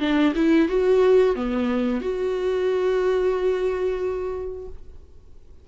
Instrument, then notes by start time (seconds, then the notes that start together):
viola
0.00 D4
0.35 E4
0.69 F#4
1.36 B3
2.02 F#4